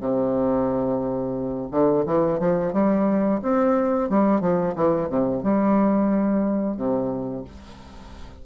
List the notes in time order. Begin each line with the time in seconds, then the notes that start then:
0.00 C3
1.71 D3
2.06 E3
2.39 F3
2.73 G3
3.42 C4
4.09 G3
4.41 F3
4.75 E3
5.09 C3
5.43 G3
6.77 C3